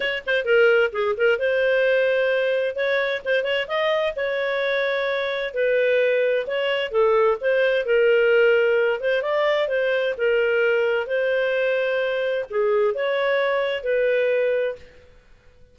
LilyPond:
\new Staff \with { instrumentName = "clarinet" } { \time 4/4 \tempo 4 = 130 cis''8 c''8 ais'4 gis'8 ais'8 c''4~ | c''2 cis''4 c''8 cis''8 | dis''4 cis''2. | b'2 cis''4 a'4 |
c''4 ais'2~ ais'8 c''8 | d''4 c''4 ais'2 | c''2. gis'4 | cis''2 b'2 | }